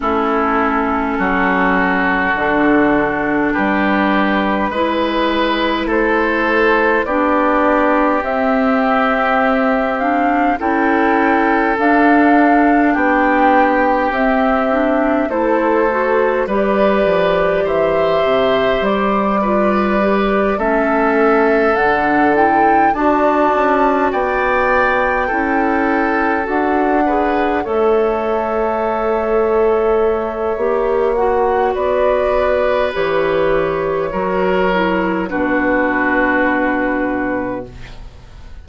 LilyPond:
<<
  \new Staff \with { instrumentName = "flute" } { \time 4/4 \tempo 4 = 51 a'2. b'4~ | b'4 c''4 d''4 e''4~ | e''8 f''8 g''4 f''4 g''4 | e''4 c''4 d''4 e''4 |
d''4. e''4 fis''8 g''8 a''8~ | a''8 g''2 fis''4 e''8~ | e''2~ e''8 fis''8 d''4 | cis''2 b'2 | }
  \new Staff \with { instrumentName = "oboe" } { \time 4/4 e'4 fis'2 g'4 | b'4 a'4 g'2~ | g'4 a'2 g'4~ | g'4 a'4 b'4 c''4~ |
c''8 b'4 a'2 d'8~ | d'8 d''4 a'4. b'8 cis''8~ | cis''2. b'4~ | b'4 ais'4 fis'2 | }
  \new Staff \with { instrumentName = "clarinet" } { \time 4/4 cis'2 d'2 | e'2 d'4 c'4~ | c'8 d'8 e'4 d'2 | c'8 d'8 e'8 fis'8 g'2~ |
g'8 f'8 g'8 cis'4 d'8 e'8 fis'8~ | fis'4. e'4 fis'8 gis'8 a'8~ | a'2 g'8 fis'4. | g'4 fis'8 e'8 d'2 | }
  \new Staff \with { instrumentName = "bassoon" } { \time 4/4 a4 fis4 d4 g4 | gis4 a4 b4 c'4~ | c'4 cis'4 d'4 b4 | c'4 a4 g8 f8 e8 c8 |
g4. a4 d4 d'8 | cis'8 b4 cis'4 d'4 a8~ | a2 ais4 b4 | e4 fis4 b,2 | }
>>